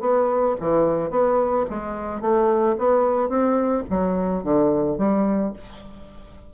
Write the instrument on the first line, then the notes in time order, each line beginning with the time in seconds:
bassoon
0.00 B3
0.60 E3
1.10 B3
1.70 G#3
2.21 A3
2.78 B3
3.29 C4
3.90 F#3
4.43 D3
4.98 G3